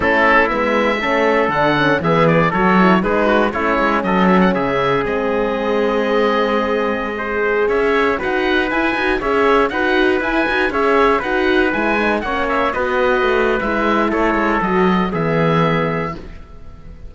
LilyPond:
<<
  \new Staff \with { instrumentName = "oboe" } { \time 4/4 \tempo 4 = 119 a'4 e''2 fis''4 | e''8 d''8 cis''4 b'4 cis''4 | dis''8 e''16 fis''16 e''4 dis''2~ | dis''2.~ dis''16 e''8.~ |
e''16 fis''4 gis''4 e''4 fis''8.~ | fis''16 gis''4 e''4 fis''4 gis''8.~ | gis''16 fis''8 e''8 dis''4.~ dis''16 e''4 | cis''4 dis''4 e''2 | }
  \new Staff \with { instrumentName = "trumpet" } { \time 4/4 e'2 a'2 | gis'4 a'4 gis'8 fis'8 e'4 | a'4 gis'2.~ | gis'2~ gis'16 c''4 cis''8.~ |
cis''16 b'2 cis''4 b'8.~ | b'4~ b'16 cis''4 b'4.~ b'16~ | b'16 cis''4 b'2~ b'8. | a'2 gis'2 | }
  \new Staff \with { instrumentName = "horn" } { \time 4/4 cis'4 b4 cis'4 d'8 cis'8 | b4 fis'8 e'8 dis'4 cis'4~ | cis'2 c'2~ | c'2~ c'16 gis'4.~ gis'16~ |
gis'16 fis'4 e'8 fis'8 gis'4 fis'8.~ | fis'16 e'8 fis'8 gis'4 fis'4 e'8 dis'16~ | dis'16 cis'4 fis'4.~ fis'16 e'4~ | e'4 fis'4 b2 | }
  \new Staff \with { instrumentName = "cello" } { \time 4/4 a4 gis4 a4 d4 | e4 fis4 gis4 a8 gis8 | fis4 cis4 gis2~ | gis2.~ gis16 cis'8.~ |
cis'16 dis'4 e'8 dis'8 cis'4 dis'8.~ | dis'16 e'8 dis'8 cis'4 dis'4 gis8.~ | gis16 ais4 b4 a8. gis4 | a8 gis8 fis4 e2 | }
>>